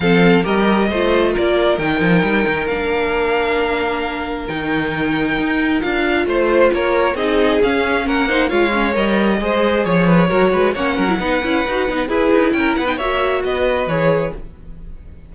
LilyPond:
<<
  \new Staff \with { instrumentName = "violin" } { \time 4/4 \tempo 4 = 134 f''4 dis''2 d''4 | g''2 f''2~ | f''2 g''2~ | g''4 f''4 c''4 cis''4 |
dis''4 f''4 fis''4 f''4 | dis''2 cis''2 | fis''2. b'4 | g''8 fis''16 g''16 e''4 dis''4 cis''4 | }
  \new Staff \with { instrumentName = "violin" } { \time 4/4 a'4 ais'4 c''4 ais'4~ | ais'1~ | ais'1~ | ais'2 c''4 ais'4 |
gis'2 ais'8 c''8 cis''4~ | cis''4 c''4 cis''8 b'8 ais'8 b'8 | cis''8 ais'8 b'2 gis'4 | ais'8 b'8 cis''4 b'2 | }
  \new Staff \with { instrumentName = "viola" } { \time 4/4 c'4 g'4 f'2 | dis'2 d'2~ | d'2 dis'2~ | dis'4 f'2. |
dis'4 cis'4. dis'8 f'8 cis'8 | ais'4 gis'2 fis'4 | cis'8. e'16 dis'8 e'8 fis'8 dis'8 e'4~ | e'8. dis'16 fis'2 gis'4 | }
  \new Staff \with { instrumentName = "cello" } { \time 4/4 f4 g4 a4 ais4 | dis8 f8 g8 dis8 ais2~ | ais2 dis2 | dis'4 d'4 a4 ais4 |
c'4 cis'4 ais4 gis4 | g4 gis4 f4 fis8 gis8 | ais8 fis8 b8 cis'8 dis'8 b8 e'8 dis'8 | cis'8 b8 ais4 b4 e4 | }
>>